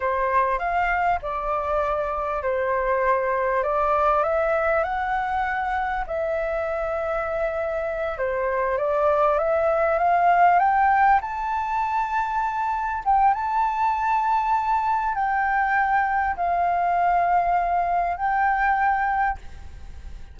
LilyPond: \new Staff \with { instrumentName = "flute" } { \time 4/4 \tempo 4 = 99 c''4 f''4 d''2 | c''2 d''4 e''4 | fis''2 e''2~ | e''4. c''4 d''4 e''8~ |
e''8 f''4 g''4 a''4.~ | a''4. g''8 a''2~ | a''4 g''2 f''4~ | f''2 g''2 | }